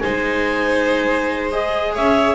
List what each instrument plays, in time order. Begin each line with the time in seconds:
0.00 double bass G#3, viola D#4, violin C5, clarinet G#5
1.52 viola G#4, clarinet D#5
1.94 double bass C#4, violin C#5, clarinet E5